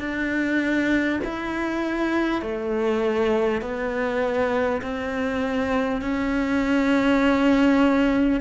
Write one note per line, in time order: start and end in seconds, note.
0.00 1.20 D4
1.24 2.42 E4
2.42 3.62 A3
3.62 4.82 B3
4.82 6.02 C4
6.02 8.41 C#4